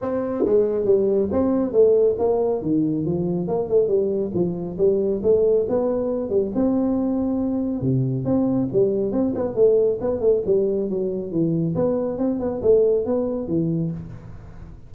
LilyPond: \new Staff \with { instrumentName = "tuba" } { \time 4/4 \tempo 4 = 138 c'4 gis4 g4 c'4 | a4 ais4 dis4 f4 | ais8 a8 g4 f4 g4 | a4 b4. g8 c'4~ |
c'2 c4 c'4 | g4 c'8 b8 a4 b8 a8 | g4 fis4 e4 b4 | c'8 b8 a4 b4 e4 | }